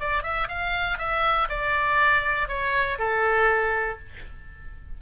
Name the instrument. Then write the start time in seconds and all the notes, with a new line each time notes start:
oboe
0.00 D5
0.23 E5
0.48 F5
0.98 E5
1.49 D5
2.48 C#5
2.99 A4